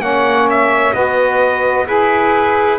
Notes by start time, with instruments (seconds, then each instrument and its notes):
0.00 double bass A#3, saxophone C#4 C#5, trumpet F#5
0.50 trumpet E5
0.94 double bass B3, saxophone F#4 B4, trumpet D#5
1.86 double bass E4, saxophone G#4, trumpet B4